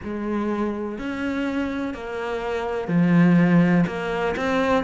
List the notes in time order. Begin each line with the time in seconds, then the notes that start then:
0.03 G#3
0.98 C#4
1.94 A#3
2.88 F3
3.87 A#3
4.36 C4